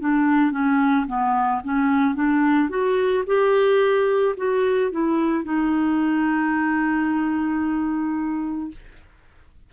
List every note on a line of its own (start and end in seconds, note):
0.00 0.51 D4
0.51 1.06 C#4
1.07 1.62 B3
1.64 2.15 C#4
2.15 2.69 D4
2.69 3.24 F#4
3.26 4.35 G4
4.37 4.91 F#4
4.91 5.44 E4
5.44 8.71 D#4